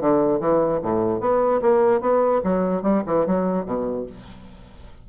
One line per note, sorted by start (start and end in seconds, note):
0.00 0.40 D3
0.40 0.80 E3
0.82 1.20 A2
1.20 1.61 B3
1.61 2.01 A#3
2.01 2.41 B3
2.43 2.82 F#3
2.82 3.02 G3
3.06 3.26 E3
3.26 3.65 F#3
3.65 4.06 B2